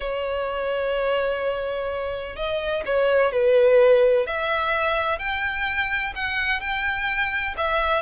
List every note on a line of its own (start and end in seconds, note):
0.00 2.36 C#5
2.36 2.83 D#5
2.85 3.32 C#5
3.32 4.26 B4
4.26 5.18 E5
5.18 6.13 G5
6.15 6.60 F#5
6.60 7.55 G5
7.57 8.02 E5